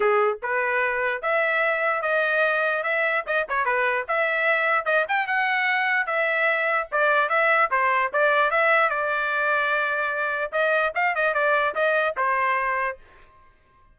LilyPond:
\new Staff \with { instrumentName = "trumpet" } { \time 4/4 \tempo 4 = 148 gis'4 b'2 e''4~ | e''4 dis''2 e''4 | dis''8 cis''8 b'4 e''2 | dis''8 g''8 fis''2 e''4~ |
e''4 d''4 e''4 c''4 | d''4 e''4 d''2~ | d''2 dis''4 f''8 dis''8 | d''4 dis''4 c''2 | }